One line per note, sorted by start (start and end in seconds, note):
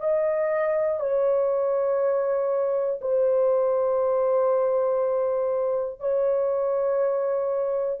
0.00 1.00 D#5
1.00 3.00 C#5
3.00 6.00 C5
6.00 8.00 C#5